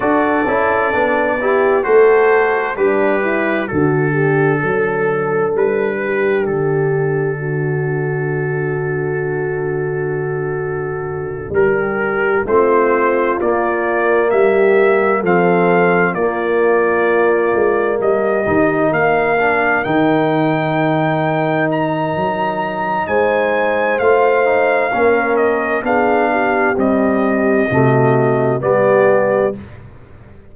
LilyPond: <<
  \new Staff \with { instrumentName = "trumpet" } { \time 4/4 \tempo 4 = 65 d''2 c''4 b'4 | a'2 b'4 a'4~ | a'1~ | a'8 ais'4 c''4 d''4 e''8~ |
e''8 f''4 d''2 dis''8~ | dis''8 f''4 g''2 ais''8~ | ais''4 gis''4 f''4. dis''8 | f''4 dis''2 d''4 | }
  \new Staff \with { instrumentName = "horn" } { \time 4/4 a'4. g'8 a'4 d'8 e'8 | fis'8 g'8 a'4. g'4. | fis'1~ | fis'8 g'4 f'2 g'8~ |
g'8 a'4 f'2 g'8~ | g'8 ais'2.~ ais'8~ | ais'4 c''2 ais'4 | gis'8 g'4. fis'4 g'4 | }
  \new Staff \with { instrumentName = "trombone" } { \time 4/4 fis'8 e'8 d'8 e'8 fis'4 g'4 | d'1~ | d'1~ | d'4. c'4 ais4.~ |
ais8 c'4 ais2~ ais8 | dis'4 d'8 dis'2~ dis'8~ | dis'2 f'8 dis'8 cis'4 | d'4 g4 a4 b4 | }
  \new Staff \with { instrumentName = "tuba" } { \time 4/4 d'8 cis'8 b4 a4 g4 | d4 fis4 g4 d4~ | d1~ | d8 g4 a4 ais4 g8~ |
g8 f4 ais4. gis8 g8 | dis8 ais4 dis2~ dis8 | fis4 gis4 a4 ais4 | b4 c'4 c4 g4 | }
>>